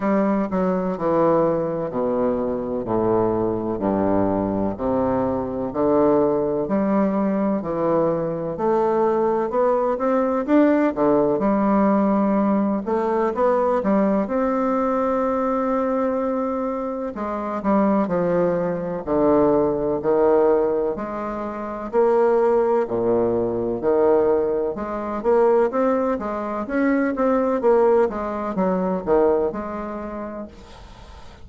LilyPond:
\new Staff \with { instrumentName = "bassoon" } { \time 4/4 \tempo 4 = 63 g8 fis8 e4 b,4 a,4 | g,4 c4 d4 g4 | e4 a4 b8 c'8 d'8 d8 | g4. a8 b8 g8 c'4~ |
c'2 gis8 g8 f4 | d4 dis4 gis4 ais4 | ais,4 dis4 gis8 ais8 c'8 gis8 | cis'8 c'8 ais8 gis8 fis8 dis8 gis4 | }